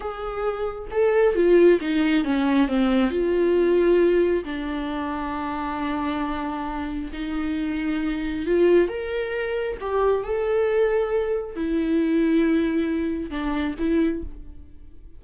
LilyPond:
\new Staff \with { instrumentName = "viola" } { \time 4/4 \tempo 4 = 135 gis'2 a'4 f'4 | dis'4 cis'4 c'4 f'4~ | f'2 d'2~ | d'1 |
dis'2. f'4 | ais'2 g'4 a'4~ | a'2 e'2~ | e'2 d'4 e'4 | }